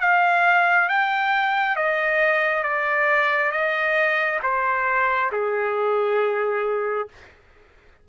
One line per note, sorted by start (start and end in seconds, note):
0.00 0.88 F5
0.88 1.76 G5
1.76 2.63 D#5
2.63 3.51 D5
3.51 4.39 D#5
4.42 5.31 C5
5.31 7.08 G#4